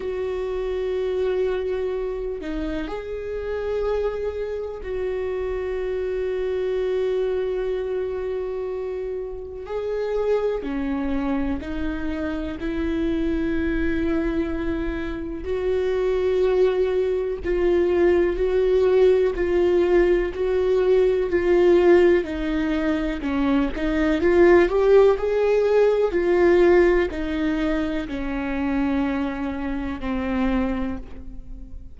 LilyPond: \new Staff \with { instrumentName = "viola" } { \time 4/4 \tempo 4 = 62 fis'2~ fis'8 dis'8 gis'4~ | gis'4 fis'2.~ | fis'2 gis'4 cis'4 | dis'4 e'2. |
fis'2 f'4 fis'4 | f'4 fis'4 f'4 dis'4 | cis'8 dis'8 f'8 g'8 gis'4 f'4 | dis'4 cis'2 c'4 | }